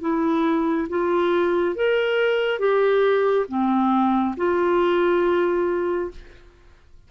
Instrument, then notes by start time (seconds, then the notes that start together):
clarinet
0.00 E4
0.89 F4
1.75 A#4
2.59 G4
3.48 C4
4.36 F4